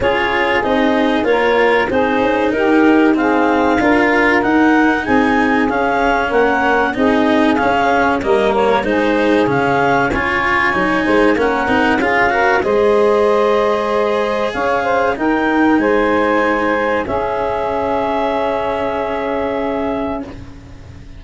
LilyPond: <<
  \new Staff \with { instrumentName = "clarinet" } { \time 4/4 \tempo 4 = 95 cis''4 dis''4 cis''4 c''4 | ais'4 f''2 fis''4 | gis''4 f''4 fis''4 dis''4 | f''4 dis''8 cis''8 c''4 f''4 |
gis''2 fis''4 f''4 | dis''2. f''4 | g''4 gis''2 e''4~ | e''1 | }
  \new Staff \with { instrumentName = "saxophone" } { \time 4/4 gis'2 ais'4 gis'4 | g'4 gis'4 ais'2 | gis'2 ais'4 gis'4~ | gis'4 ais'4 gis'2 |
cis''4. c''8 ais'4 gis'8 ais'8 | c''2. cis''8 c''8 | ais'4 c''2 gis'4~ | gis'1 | }
  \new Staff \with { instrumentName = "cello" } { \time 4/4 f'4 dis'4 f'4 dis'4~ | dis'4 c'4 f'4 dis'4~ | dis'4 cis'2 dis'4 | cis'4 ais4 dis'4 cis'4 |
f'4 dis'4 cis'8 dis'8 f'8 fis'8 | gis'1 | dis'2. cis'4~ | cis'1 | }
  \new Staff \with { instrumentName = "tuba" } { \time 4/4 cis'4 c'4 ais4 c'8 cis'8 | dis'2 d'4 dis'4 | c'4 cis'4 ais4 c'4 | cis'4 g4 gis4 cis4 |
cis'4 fis8 gis8 ais8 c'8 cis'4 | gis2. cis'4 | dis'4 gis2 cis'4~ | cis'1 | }
>>